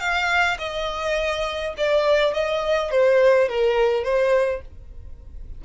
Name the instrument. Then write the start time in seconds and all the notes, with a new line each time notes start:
violin
0.00 F5
0.59 D#5
1.78 D5
2.34 D#5
2.91 C5
3.49 A#4
4.04 C5